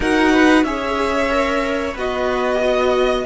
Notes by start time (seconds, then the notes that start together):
0.00 D#4 F#4 A#4 F#5
0.32 B4
0.63 C#4 G#4 C#5 E5
1.30 A#4
1.93 B3 F#4 B4 D#5
2.59 F#4 D#5